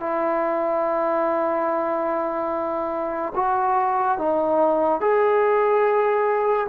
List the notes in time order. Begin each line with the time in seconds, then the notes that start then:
0.00 E4
3.35 F#4
4.18 D#4
5.01 G#4